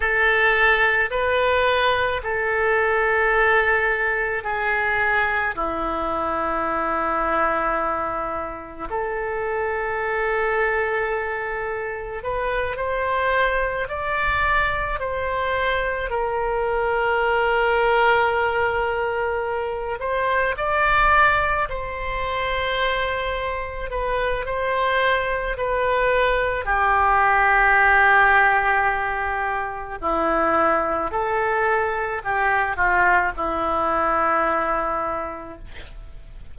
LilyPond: \new Staff \with { instrumentName = "oboe" } { \time 4/4 \tempo 4 = 54 a'4 b'4 a'2 | gis'4 e'2. | a'2. b'8 c''8~ | c''8 d''4 c''4 ais'4.~ |
ais'2 c''8 d''4 c''8~ | c''4. b'8 c''4 b'4 | g'2. e'4 | a'4 g'8 f'8 e'2 | }